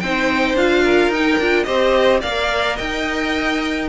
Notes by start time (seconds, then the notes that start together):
0.00 C4 D#4 C5 G5
0.54 D4 F4 F5
0.83 A#4
1.09 D#4 G5
1.39 D4 F4
1.64 C4 G4 C5 D#5
2.21 A#3 A#4 D5 F5
2.76 D#4 D#5 G5